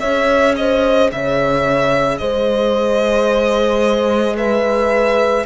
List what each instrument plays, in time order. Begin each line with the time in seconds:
0.00 cello C#4, saxophone G#4, horn C#5, violin E5
0.56 horn C5, violin D#5
1.12 cello C#3, horn C#5, violin E5
2.18 cello G#3, horn C5, violin D#5
4.36 horn B4, violin E5